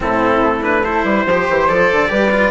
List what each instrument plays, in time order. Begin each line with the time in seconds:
0.00 bassoon A2, cello C4, flute E4, trumpet A4
0.42 bassoon A3
0.61 cello D4, trumpet B4
0.83 cello E4, flute A4, trumpet C5
1.03 bassoon G3, flute B4
1.25 bassoon F3, cello G4, flute C5
1.49 bassoon E3
1.68 bassoon F3, cello A4, trumpet D5
1.92 bassoon D3
2.08 bassoon G3, cello G4, flute B4
2.31 cello F4